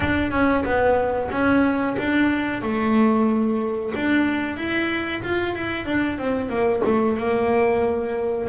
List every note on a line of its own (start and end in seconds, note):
0.00 0.31 D4
0.31 0.63 C#4
0.65 1.30 B3
1.31 1.96 C#4
1.97 2.61 D4
2.61 3.92 A3
3.95 4.57 D4
4.57 5.22 E4
5.22 5.55 F4
5.55 5.85 E4
5.85 6.18 D4
6.18 6.49 C4
6.49 6.81 A#3
6.85 7.17 A3
7.17 8.48 A#3